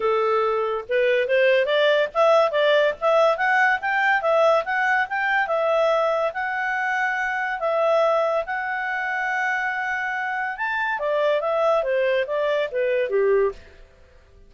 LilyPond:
\new Staff \with { instrumentName = "clarinet" } { \time 4/4 \tempo 4 = 142 a'2 b'4 c''4 | d''4 e''4 d''4 e''4 | fis''4 g''4 e''4 fis''4 | g''4 e''2 fis''4~ |
fis''2 e''2 | fis''1~ | fis''4 a''4 d''4 e''4 | c''4 d''4 b'4 g'4 | }